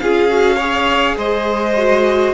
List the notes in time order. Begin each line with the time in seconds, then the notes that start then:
0.00 C#4 F4 G#4 F5
0.29 F#4
0.57 G#4 C#5
1.17 G#3 C5 D#5
1.77 F#4